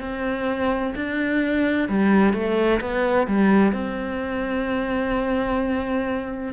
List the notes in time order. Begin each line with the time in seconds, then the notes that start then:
0.00 C4
0.95 D4
1.89 G3
2.33 A3
2.81 B3
3.27 G3
3.72 C4